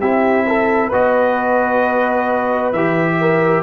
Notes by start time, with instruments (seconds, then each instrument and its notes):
0.00 tuba C4, trombone E4, horn G4, trumpet E5
0.47 horn A4
0.88 tuba B3, trombone F#4, horn B4, trumpet D#5
2.72 tuba E3, trombone G4, trumpet E5
3.20 horn A#4